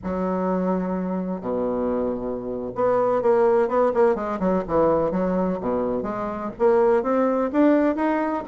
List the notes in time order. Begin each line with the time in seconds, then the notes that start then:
0.03 F#3
1.40 B2
2.75 B3
3.22 A#3
3.68 B3
3.94 A#3
4.15 G#3
4.39 F#3
4.67 E3
5.11 F#3
5.60 B2
6.03 G#3
6.58 A#3
7.03 C4
7.52 D4
7.95 D#4